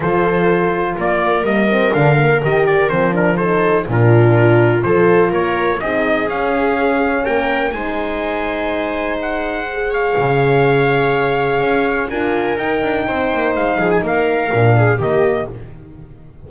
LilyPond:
<<
  \new Staff \with { instrumentName = "trumpet" } { \time 4/4 \tempo 4 = 124 c''2 d''4 dis''4 | f''4 dis''8 d''8 c''8 ais'8 c''4 | ais'2 c''4 cis''4 | dis''4 f''2 g''4 |
gis''2. fis''4~ | fis''8 f''2.~ f''8~ | f''4 gis''4 g''2 | f''8. gis''16 f''2 dis''4 | }
  \new Staff \with { instrumentName = "viola" } { \time 4/4 a'2 ais'2~ | ais'2. a'4 | f'2 a'4 ais'4 | gis'2. ais'4 |
c''1~ | c''8 cis''2.~ cis''8~ | cis''4 ais'2 c''4~ | c''8 gis'8 ais'4. gis'8 g'4 | }
  \new Staff \with { instrumentName = "horn" } { \time 4/4 f'2. ais8 c'8 | d'8 ais8 g'4 c'8 d'8 dis'4 | d'2 f'2 | dis'4 cis'2. |
dis'1 | gis'1~ | gis'4 f'4 dis'2~ | dis'2 d'4 ais4 | }
  \new Staff \with { instrumentName = "double bass" } { \time 4/4 f2 ais4 g4 | d4 dis4 f2 | ais,2 f4 ais4 | c'4 cis'2 ais4 |
gis1~ | gis4 cis2. | cis'4 d'4 dis'8 d'8 c'8 ais8 | gis8 f8 ais4 ais,4 dis4 | }
>>